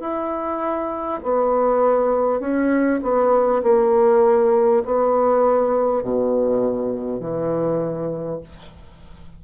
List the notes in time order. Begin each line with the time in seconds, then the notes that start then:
0.00 E4
1.23 B3
2.40 C#4
3.02 B3
3.63 A#3
4.85 B3
6.02 B2
7.20 E3